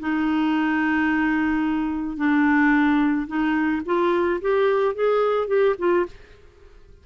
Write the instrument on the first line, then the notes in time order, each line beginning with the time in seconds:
clarinet
0.00 D#4
2.17 D4
3.27 D#4
3.86 F4
4.42 G4
4.95 G#4
5.48 G4
5.78 F4